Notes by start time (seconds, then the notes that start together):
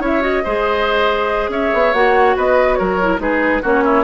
0.00 C#4 E4 C#5
0.06 E5
0.21 F#4 D#5
0.44 G#3 G#4 C5
1.49 C#4 C#5 E5
1.74 B3
1.94 A#3 F#4 F#5
2.37 B3 B4 D#5
2.75 F#3 A#4 C#5
3.02 E4
3.18 G#3 D#4 G#4 B4
3.63 A#3 C#4 F#4 C#5
3.85 E4